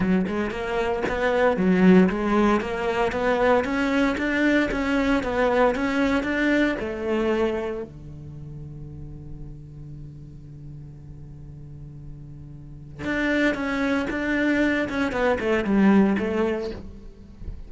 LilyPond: \new Staff \with { instrumentName = "cello" } { \time 4/4 \tempo 4 = 115 fis8 gis8 ais4 b4 fis4 | gis4 ais4 b4 cis'4 | d'4 cis'4 b4 cis'4 | d'4 a2 d4~ |
d1~ | d1~ | d4 d'4 cis'4 d'4~ | d'8 cis'8 b8 a8 g4 a4 | }